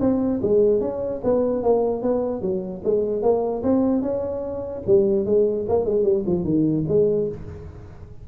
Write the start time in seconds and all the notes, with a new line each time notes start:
0.00 C4
0.42 G#3
0.81 C#4
1.24 B3
1.63 A#3
2.02 B3
2.41 F#3
2.84 G#3
3.22 A#3
3.63 C4
4.02 C#4
4.86 G3
5.25 G#3
5.69 A#3
5.85 G#3
6.03 G3
6.26 F3
6.44 D#3
6.88 G#3